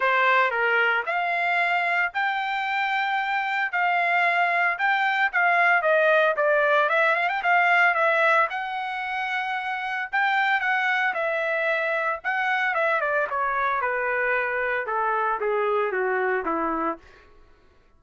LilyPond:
\new Staff \with { instrumentName = "trumpet" } { \time 4/4 \tempo 4 = 113 c''4 ais'4 f''2 | g''2. f''4~ | f''4 g''4 f''4 dis''4 | d''4 e''8 f''16 g''16 f''4 e''4 |
fis''2. g''4 | fis''4 e''2 fis''4 | e''8 d''8 cis''4 b'2 | a'4 gis'4 fis'4 e'4 | }